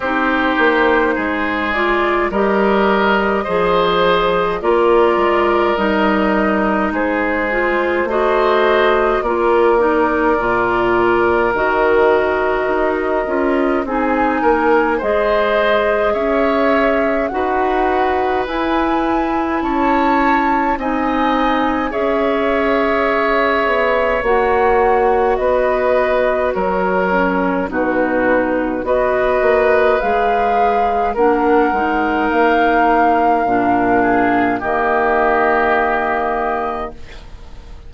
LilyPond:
<<
  \new Staff \with { instrumentName = "flute" } { \time 4/4 \tempo 4 = 52 c''4. d''8 dis''2 | d''4 dis''4 c''4 dis''4 | d''2 dis''2 | gis''4 dis''4 e''4 fis''4 |
gis''4 a''4 gis''4 e''4~ | e''4 fis''4 dis''4 cis''4 | b'4 dis''4 f''4 fis''4 | f''2 dis''2 | }
  \new Staff \with { instrumentName = "oboe" } { \time 4/4 g'4 gis'4 ais'4 c''4 | ais'2 gis'4 c''4 | ais'1 | gis'8 ais'8 c''4 cis''4 b'4~ |
b'4 cis''4 dis''4 cis''4~ | cis''2 b'4 ais'4 | fis'4 b'2 ais'4~ | ais'4. gis'8 g'2 | }
  \new Staff \with { instrumentName = "clarinet" } { \time 4/4 dis'4. f'8 g'4 gis'4 | f'4 dis'4. f'8 fis'4 | f'8 dis'8 f'4 fis'4. f'8 | dis'4 gis'2 fis'4 |
e'2 dis'4 gis'4~ | gis'4 fis'2~ fis'8 cis'8 | dis'4 fis'4 gis'4 d'8 dis'8~ | dis'4 d'4 ais2 | }
  \new Staff \with { instrumentName = "bassoon" } { \time 4/4 c'8 ais8 gis4 g4 f4 | ais8 gis8 g4 gis4 a4 | ais4 ais,4 dis4 dis'8 cis'8 | c'8 ais8 gis4 cis'4 dis'4 |
e'4 cis'4 c'4 cis'4~ | cis'8 b8 ais4 b4 fis4 | b,4 b8 ais8 gis4 ais8 gis8 | ais4 ais,4 dis2 | }
>>